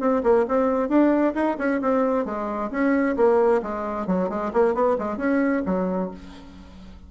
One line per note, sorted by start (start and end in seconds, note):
0.00 0.22 C4
0.23 0.46 A#3
0.48 0.89 C4
0.89 1.34 D4
1.35 1.57 D#4
1.59 1.81 C#4
1.81 2.25 C4
2.25 2.70 G#3
2.71 3.16 C#4
3.16 3.62 A#3
3.63 4.07 G#3
4.07 4.29 F#3
4.29 4.52 G#3
4.53 4.74 A#3
4.74 4.97 B3
4.98 5.17 G#3
5.17 5.62 C#4
5.66 6.11 F#3